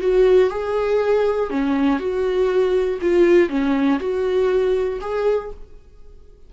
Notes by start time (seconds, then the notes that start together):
0.00 F#4
0.50 G#4
1.50 C#4
1.99 F#4
3.01 F4
3.49 C#4
3.99 F#4
5.00 G#4